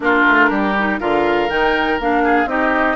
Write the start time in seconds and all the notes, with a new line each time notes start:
0.00 A#3 D4 F4 A#4
0.28 A3
0.50 G3 G4
0.78 D#4
1.00 D3 F4 A#4 F5
1.49 D#3 D#4 G5
1.99 A#3 D4 F5
2.23 G#4
2.45 C4 D#4 G4 D#5